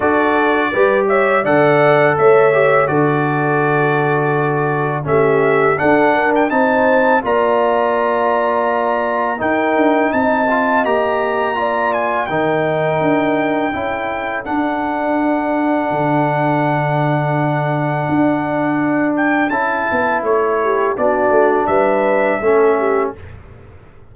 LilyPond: <<
  \new Staff \with { instrumentName = "trumpet" } { \time 4/4 \tempo 4 = 83 d''4. e''8 fis''4 e''4 | d''2. e''4 | fis''8. g''16 a''4 ais''2~ | ais''4 g''4 a''4 ais''4~ |
ais''8 gis''8 g''2. | fis''1~ | fis''2~ fis''8 g''8 a''4 | cis''4 d''4 e''2 | }
  \new Staff \with { instrumentName = "horn" } { \time 4/4 a'4 b'8 cis''8 d''4 cis''4 | a'2. g'4 | a'8 ais'8 c''4 d''2~ | d''4 ais'4 dis''2 |
d''4 ais'2 a'4~ | a'1~ | a'1~ | a'8 g'8 fis'4 b'4 a'8 g'8 | }
  \new Staff \with { instrumentName = "trombone" } { \time 4/4 fis'4 g'4 a'4. g'8 | fis'2. cis'4 | d'4 dis'4 f'2~ | f'4 dis'4. f'8 g'4 |
f'4 dis'2 e'4 | d'1~ | d'2. e'4~ | e'4 d'2 cis'4 | }
  \new Staff \with { instrumentName = "tuba" } { \time 4/4 d'4 g4 d4 a4 | d2. a4 | d'4 c'4 ais2~ | ais4 dis'8 d'8 c'4 ais4~ |
ais4 dis4 d'4 cis'4 | d'2 d2~ | d4 d'2 cis'8 b8 | a4 b8 a8 g4 a4 | }
>>